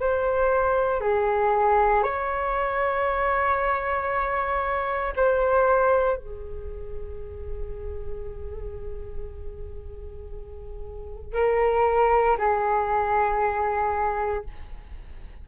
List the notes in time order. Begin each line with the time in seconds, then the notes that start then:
0.00 C5
1.01 G#4
2.03 C#5
5.16 C5
6.16 G#4
11.34 A#4
12.38 G#4